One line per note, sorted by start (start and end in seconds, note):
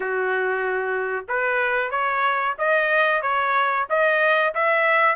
0.00 1.26 F#4
1.28 1.91 B4
1.91 2.55 C#5
2.58 3.22 D#5
3.22 3.86 C#5
3.89 4.54 D#5
4.54 5.15 E5